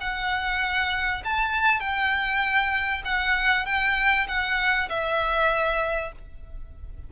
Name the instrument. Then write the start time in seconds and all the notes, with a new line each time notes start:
violin
0.00 F#5
1.24 A5
1.80 G5
3.05 F#5
3.66 G5
4.27 F#5
4.89 E5